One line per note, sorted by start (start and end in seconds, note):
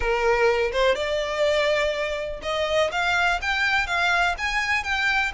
0.00 0.71 A#4
0.72 0.95 C5
0.95 2.40 D5
2.42 2.90 D#5
2.91 3.40 F5
3.41 3.87 G5
3.87 4.35 F5
4.38 4.83 G#5
4.83 5.31 G5